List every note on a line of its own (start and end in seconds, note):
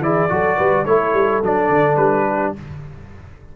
0.00 0.28 E3
0.00 0.29 E4
0.00 0.31 G#4
0.00 0.85 D5
0.29 0.59 F#3
0.29 0.85 F#4
0.29 0.57 A4
0.57 0.86 G3
0.57 0.85 B4
0.85 1.13 A3
0.85 1.43 E4
0.85 2.28 A4
0.85 1.41 C#5
1.13 1.41 G3
1.43 1.69 F#3
1.43 2.56 D4
1.43 1.96 D5
1.69 1.97 D3
1.96 2.53 G3
1.96 2.52 B4
2.28 2.56 G4